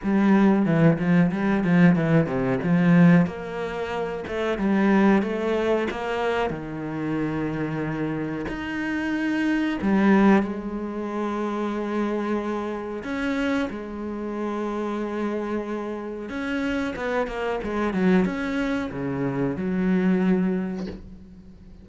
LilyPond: \new Staff \with { instrumentName = "cello" } { \time 4/4 \tempo 4 = 92 g4 e8 f8 g8 f8 e8 c8 | f4 ais4. a8 g4 | a4 ais4 dis2~ | dis4 dis'2 g4 |
gis1 | cis'4 gis2.~ | gis4 cis'4 b8 ais8 gis8 fis8 | cis'4 cis4 fis2 | }